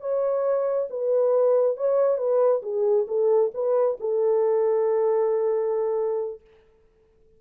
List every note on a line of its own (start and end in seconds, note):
0.00 0.88 C#5
0.90 1.76 B4
1.76 2.17 C#5
2.17 2.61 B4
2.62 3.06 G#4
3.08 3.51 A4
3.54 3.97 B4
4.00 6.41 A4